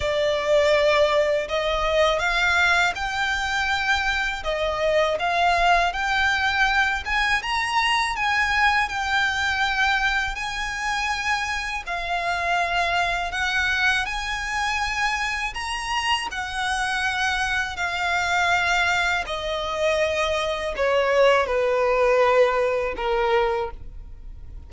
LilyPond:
\new Staff \with { instrumentName = "violin" } { \time 4/4 \tempo 4 = 81 d''2 dis''4 f''4 | g''2 dis''4 f''4 | g''4. gis''8 ais''4 gis''4 | g''2 gis''2 |
f''2 fis''4 gis''4~ | gis''4 ais''4 fis''2 | f''2 dis''2 | cis''4 b'2 ais'4 | }